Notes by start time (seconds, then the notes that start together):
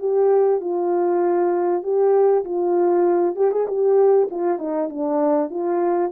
0.00 G4
0.61 F4
1.83 G4
2.45 F4
3.36 G4
3.51 G#4
3.68 G4
4.31 F4
4.59 D#4
4.90 D4
5.50 F4